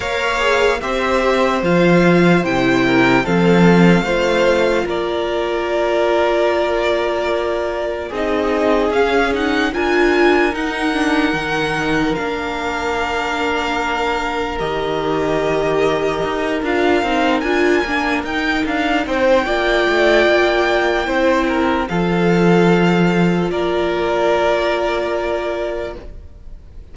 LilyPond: <<
  \new Staff \with { instrumentName = "violin" } { \time 4/4 \tempo 4 = 74 f''4 e''4 f''4 g''4 | f''2 d''2~ | d''2 dis''4 f''8 fis''8 | gis''4 fis''2 f''4~ |
f''2 dis''2~ | dis''8 f''4 gis''4 g''8 f''8 g''8~ | g''2. f''4~ | f''4 d''2. | }
  \new Staff \with { instrumentName = "violin" } { \time 4/4 cis''4 c''2~ c''8 ais'8 | a'4 c''4 ais'2~ | ais'2 gis'2 | ais'1~ |
ais'1~ | ais'2.~ ais'8 c''8 | d''2 c''8 ais'8 a'4~ | a'4 ais'2. | }
  \new Staff \with { instrumentName = "viola" } { \time 4/4 ais'8 gis'8 g'4 f'4 e'4 | c'4 f'2.~ | f'2 dis'4 cis'8 dis'8 | f'4 dis'8 d'8 dis'4 d'4~ |
d'2 g'2~ | g'8 f'8 dis'8 f'8 d'8 dis'4. | f'2 e'4 f'4~ | f'1 | }
  \new Staff \with { instrumentName = "cello" } { \time 4/4 ais4 c'4 f4 c4 | f4 a4 ais2~ | ais2 c'4 cis'4 | d'4 dis'4 dis4 ais4~ |
ais2 dis2 | dis'8 d'8 c'8 d'8 ais8 dis'8 d'8 c'8 | ais8 a8 ais4 c'4 f4~ | f4 ais2. | }
>>